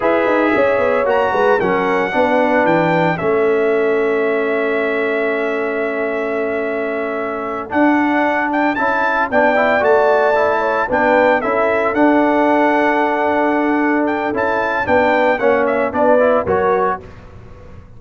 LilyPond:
<<
  \new Staff \with { instrumentName = "trumpet" } { \time 4/4 \tempo 4 = 113 e''2 ais''4 fis''4~ | fis''4 g''4 e''2~ | e''1~ | e''2~ e''8 fis''4. |
g''8 a''4 g''4 a''4.~ | a''8 g''4 e''4 fis''4.~ | fis''2~ fis''8 g''8 a''4 | g''4 fis''8 e''8 d''4 cis''4 | }
  \new Staff \with { instrumentName = "horn" } { \time 4/4 b'4 cis''4. b'8 ais'4 | b'2 a'2~ | a'1~ | a'1~ |
a'4. d''2~ d''8 | cis''8 b'4 a'2~ a'8~ | a'1 | b'4 cis''4 b'4 ais'4 | }
  \new Staff \with { instrumentName = "trombone" } { \time 4/4 gis'2 fis'4 cis'4 | d'2 cis'2~ | cis'1~ | cis'2~ cis'8 d'4.~ |
d'8 e'4 d'8 e'8 fis'4 e'8~ | e'8 d'4 e'4 d'4.~ | d'2. e'4 | d'4 cis'4 d'8 e'8 fis'4 | }
  \new Staff \with { instrumentName = "tuba" } { \time 4/4 e'8 dis'8 cis'8 b8 ais8 gis8 fis4 | b4 e4 a2~ | a1~ | a2~ a8 d'4.~ |
d'8 cis'4 b4 a4.~ | a8 b4 cis'4 d'4.~ | d'2. cis'4 | b4 ais4 b4 fis4 | }
>>